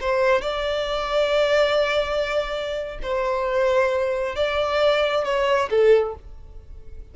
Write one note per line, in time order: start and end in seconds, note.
0.00 0.41 C5
0.41 2.99 D5
3.02 4.35 C5
4.35 5.24 D5
5.24 5.69 C#5
5.70 6.15 A4